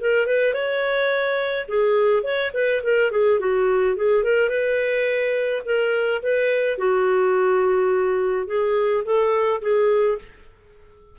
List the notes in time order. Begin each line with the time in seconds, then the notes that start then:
0.00 A#4
0.26 B4
0.53 C#5
1.68 G#4
2.23 C#5
2.53 B4
2.83 A#4
3.11 G#4
3.39 F#4
3.96 G#4
4.23 A#4
4.49 B4
5.65 A#4
6.22 B4
6.78 F#4
8.46 G#4
9.04 A4
9.61 G#4